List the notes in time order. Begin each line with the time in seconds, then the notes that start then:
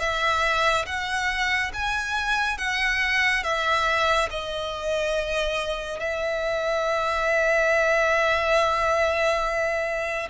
0.00 E5
0.86 F#5
1.73 G#5
2.58 F#5
3.43 E5
4.30 D#5
6.00 E5